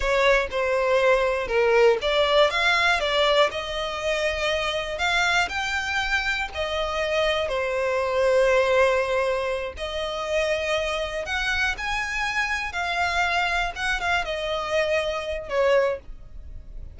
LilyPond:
\new Staff \with { instrumentName = "violin" } { \time 4/4 \tempo 4 = 120 cis''4 c''2 ais'4 | d''4 f''4 d''4 dis''4~ | dis''2 f''4 g''4~ | g''4 dis''2 c''4~ |
c''2.~ c''8 dis''8~ | dis''2~ dis''8 fis''4 gis''8~ | gis''4. f''2 fis''8 | f''8 dis''2~ dis''8 cis''4 | }